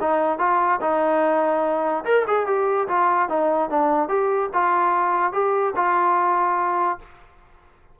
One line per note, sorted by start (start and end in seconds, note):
0.00 0.38 D#4
0.38 0.79 F4
0.81 2.04 D#4
2.04 2.25 A#4
2.27 2.46 G#4
2.46 2.87 G4
2.88 3.29 F4
3.29 3.69 D#4
3.69 4.08 D4
4.08 4.49 G4
4.53 5.32 F4
5.32 5.73 G4
5.75 6.98 F4